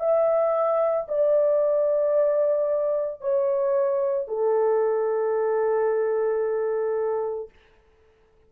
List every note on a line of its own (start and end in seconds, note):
0.00 1.07 E5
1.08 3.21 D5
3.21 4.28 C#5
4.28 7.50 A4